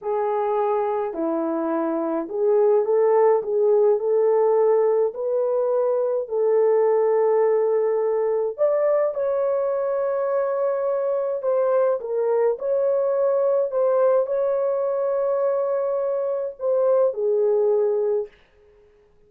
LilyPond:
\new Staff \with { instrumentName = "horn" } { \time 4/4 \tempo 4 = 105 gis'2 e'2 | gis'4 a'4 gis'4 a'4~ | a'4 b'2 a'4~ | a'2. d''4 |
cis''1 | c''4 ais'4 cis''2 | c''4 cis''2.~ | cis''4 c''4 gis'2 | }